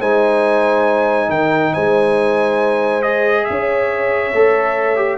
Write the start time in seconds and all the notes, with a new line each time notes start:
0.00 G#3 D#4 C5 G#5
1.30 D#3 A#4 G5
1.74 G#3 C5 G#5
3.03 G#4 D#5
3.45 C#4 E5
3.52 C#5
4.34 A3 A4
4.97 G4